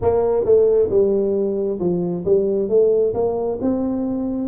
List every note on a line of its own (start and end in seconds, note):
0.01 0.44 A#3
0.44 0.89 A3
0.90 1.79 G3
1.79 2.24 F3
2.25 2.68 G3
2.68 3.13 A3
3.13 3.58 A#3
3.61 4.47 C4